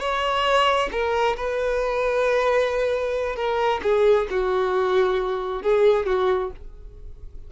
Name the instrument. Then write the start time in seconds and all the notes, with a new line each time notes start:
violin
0.00 C#5
0.92 A#4
1.37 B4
3.36 A#4
3.83 G#4
4.30 F#4
5.63 G#4
6.07 F#4